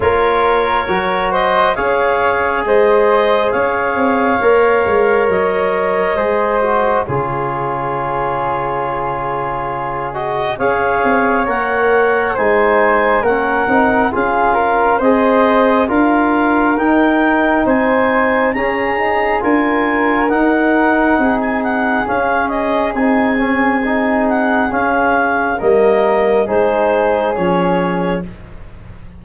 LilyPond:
<<
  \new Staff \with { instrumentName = "clarinet" } { \time 4/4 \tempo 4 = 68 cis''4. dis''8 f''4 dis''4 | f''2 dis''2 | cis''2.~ cis''8 dis''8 | f''4 fis''4 gis''4 fis''4 |
f''4 dis''4 f''4 g''4 | gis''4 ais''4 gis''4 fis''4~ | fis''16 gis''16 fis''8 f''8 dis''8 gis''4. fis''8 | f''4 dis''4 c''4 cis''4 | }
  \new Staff \with { instrumentName = "flute" } { \time 4/4 ais'4. c''8 cis''4 c''4 | cis''2. c''4 | gis'1 | cis''2 c''4 ais'4 |
gis'8 ais'8 c''4 ais'2 | c''4 gis'4 ais'2 | gis'1~ | gis'4 ais'4 gis'2 | }
  \new Staff \with { instrumentName = "trombone" } { \time 4/4 f'4 fis'4 gis'2~ | gis'4 ais'2 gis'8 fis'8 | f'2.~ f'8 fis'8 | gis'4 ais'4 dis'4 cis'8 dis'8 |
f'4 gis'4 f'4 dis'4~ | dis'4 cis'8 dis'8 f'4 dis'4~ | dis'4 cis'4 dis'8 cis'8 dis'4 | cis'4 ais4 dis'4 cis'4 | }
  \new Staff \with { instrumentName = "tuba" } { \time 4/4 ais4 fis4 cis'4 gis4 | cis'8 c'8 ais8 gis8 fis4 gis4 | cis1 | cis'8 c'8 ais4 gis4 ais8 c'8 |
cis'4 c'4 d'4 dis'4 | c'4 cis'4 d'4 dis'4 | c'4 cis'4 c'2 | cis'4 g4 gis4 f4 | }
>>